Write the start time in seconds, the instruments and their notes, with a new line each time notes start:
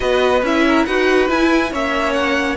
0.00 cello B3, viola F#4, violin B4 D#5
0.42 cello C#4, viola E4, violin E5
0.67 violin A#4
0.85 cello D#4, viola F#4, violin B4 F#5
1.28 viola E4, cello E4, violin G#5
1.71 cello A#3, viola C#4, violin C#5 E5
2.13 violin F#5